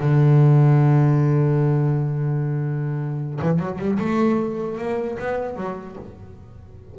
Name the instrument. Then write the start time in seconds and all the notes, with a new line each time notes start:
double bass
0.00 D3
3.41 E3
3.59 F#3
3.79 G3
3.99 A3
4.78 A#3
5.19 B3
5.57 F#3